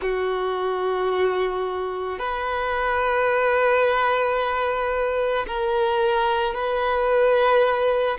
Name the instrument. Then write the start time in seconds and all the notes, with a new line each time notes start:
violin
0.01 F#4
2.18 B4
5.47 A#4
6.54 B4